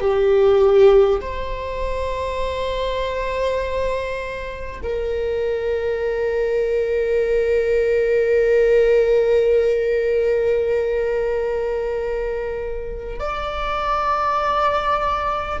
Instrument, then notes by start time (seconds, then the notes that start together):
viola
0.00 G4
1.20 C5
4.82 A#4
13.19 D5